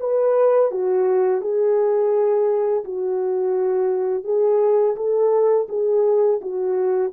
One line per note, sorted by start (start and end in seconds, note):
0.00 0.71 B4
0.71 1.41 F#4
1.41 2.84 G#4
2.84 4.24 F#4
4.24 4.95 G#4
4.96 5.67 A4
5.69 6.40 G#4
6.41 7.13 F#4